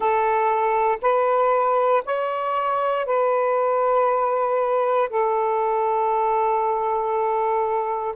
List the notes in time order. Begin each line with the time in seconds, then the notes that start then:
0.00 A4
1.01 B4
2.05 C#5
3.05 B4
5.09 A4